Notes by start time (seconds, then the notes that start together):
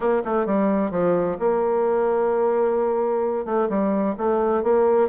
0.00 A#3
0.24 A3
0.46 G3
0.91 F3
1.39 A#3
3.45 A3
3.69 G3
4.17 A3
4.63 A#3